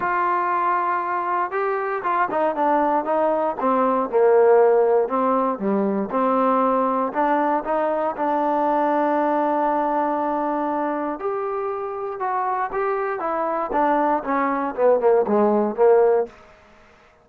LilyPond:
\new Staff \with { instrumentName = "trombone" } { \time 4/4 \tempo 4 = 118 f'2. g'4 | f'8 dis'8 d'4 dis'4 c'4 | ais2 c'4 g4 | c'2 d'4 dis'4 |
d'1~ | d'2 g'2 | fis'4 g'4 e'4 d'4 | cis'4 b8 ais8 gis4 ais4 | }